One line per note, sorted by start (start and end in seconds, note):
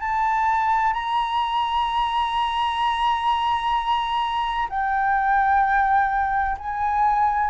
0.00 0.93 A5
0.93 4.68 A#5
4.69 6.57 G5
6.58 7.50 G#5